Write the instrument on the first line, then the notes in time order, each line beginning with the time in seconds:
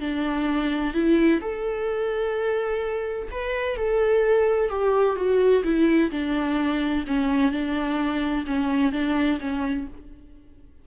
viola
0.00 D4
0.93 E4
1.40 A4
3.31 B4
3.76 A4
4.69 G4
5.16 F#4
5.63 E4
6.11 D4
7.07 C#4
7.51 D4
8.46 C#4
8.92 D4
9.40 C#4